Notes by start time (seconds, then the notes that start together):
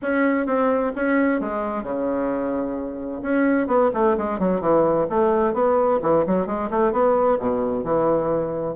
0.02 C#4
0.46 C4
0.95 C#4
1.40 G#3
1.83 C#3
3.22 C#4
3.67 B3
3.93 A3
4.17 G#3
4.39 F#3
4.60 E3
5.09 A3
5.53 B3
6.01 E3
6.26 F#3
6.46 G#3
6.70 A3
6.92 B3
7.39 B2
7.84 E3